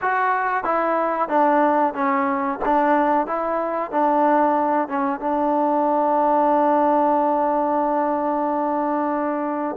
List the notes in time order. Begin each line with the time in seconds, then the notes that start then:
0.01 F#4
0.64 E4
1.28 D4
1.94 C#4
2.65 D4
3.26 E4
3.91 D4
4.88 C#4
5.20 D4